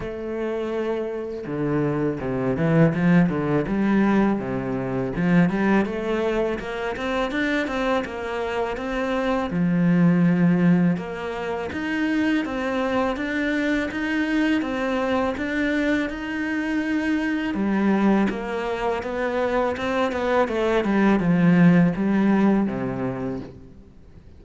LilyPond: \new Staff \with { instrumentName = "cello" } { \time 4/4 \tempo 4 = 82 a2 d4 c8 e8 | f8 d8 g4 c4 f8 g8 | a4 ais8 c'8 d'8 c'8 ais4 | c'4 f2 ais4 |
dis'4 c'4 d'4 dis'4 | c'4 d'4 dis'2 | g4 ais4 b4 c'8 b8 | a8 g8 f4 g4 c4 | }